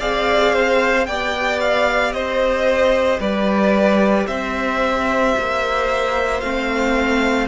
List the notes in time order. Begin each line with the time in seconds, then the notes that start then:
0.00 C4 G#4 D5 F5
0.54 C5
1.06 B3 G4 D5 G5
1.61 F5
2.13 C4 C5 D#5
3.20 G3 B4 D5
4.27 C4 C5 E5
5.39 A#3
6.41 A3 C4 F5